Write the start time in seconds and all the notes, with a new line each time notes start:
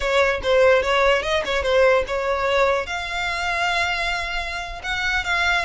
0.00 C#5
0.42 C5
0.82 C#5
1.22 D#5
1.45 C#5
1.62 C5
2.07 C#5
2.86 F5
4.83 F#5
5.24 F5